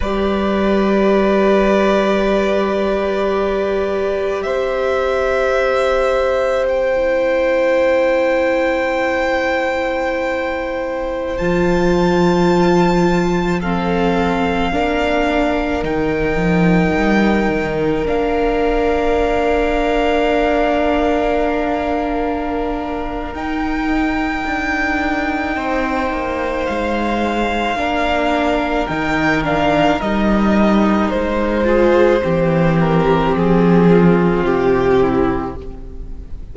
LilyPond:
<<
  \new Staff \with { instrumentName = "violin" } { \time 4/4 \tempo 4 = 54 d''1 | e''2 g''2~ | g''2~ g''16 a''4.~ a''16~ | a''16 f''2 g''4.~ g''16~ |
g''16 f''2.~ f''8.~ | f''4 g''2. | f''2 g''8 f''8 dis''4 | c''4. ais'8 gis'4 g'4 | }
  \new Staff \with { instrumentName = "violin" } { \time 4/4 b'1 | c''1~ | c''1~ | c''16 a'4 ais'2~ ais'8.~ |
ais'1~ | ais'2. c''4~ | c''4 ais'2.~ | ais'8 gis'8 g'4. f'4 e'8 | }
  \new Staff \with { instrumentName = "viola" } { \time 4/4 g'1~ | g'2~ g'16 e'4.~ e'16~ | e'2~ e'16 f'4.~ f'16~ | f'16 c'4 d'4 dis'4.~ dis'16~ |
dis'16 d'2.~ d'8.~ | d'4 dis'2.~ | dis'4 d'4 dis'8 d'8 dis'4~ | dis'8 f'8 c'2. | }
  \new Staff \with { instrumentName = "cello" } { \time 4/4 g1 | c'1~ | c'2~ c'16 f4.~ f16~ | f4~ f16 ais4 dis8 f8 g8 dis16~ |
dis16 ais2.~ ais8.~ | ais4 dis'4 d'4 c'8 ais8 | gis4 ais4 dis4 g4 | gis4 e4 f4 c4 | }
>>